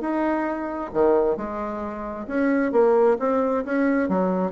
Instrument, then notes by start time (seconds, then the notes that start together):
bassoon
0.00 D#4
0.93 D#3
1.36 G#3
2.27 C#4
2.72 A#3
3.19 C4
3.64 C#4
4.08 F#3